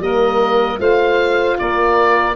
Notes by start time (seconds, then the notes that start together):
0.00 G3 A#3 A#4 D#5
0.78 A3 F4 C5 F5
1.59 A#3 A#4 D5